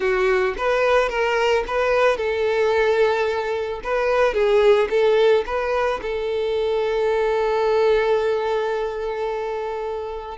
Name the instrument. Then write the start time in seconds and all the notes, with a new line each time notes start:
violin
0.00 F#4
0.57 B4
1.09 A#4
1.67 B4
2.17 A4
3.83 B4
4.34 G#4
4.89 A4
5.45 B4
6.02 A4